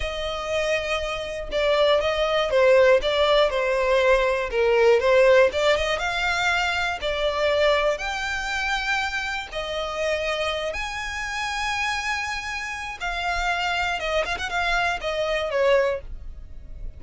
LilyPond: \new Staff \with { instrumentName = "violin" } { \time 4/4 \tempo 4 = 120 dis''2. d''4 | dis''4 c''4 d''4 c''4~ | c''4 ais'4 c''4 d''8 dis''8 | f''2 d''2 |
g''2. dis''4~ | dis''4. gis''2~ gis''8~ | gis''2 f''2 | dis''8 f''16 fis''16 f''4 dis''4 cis''4 | }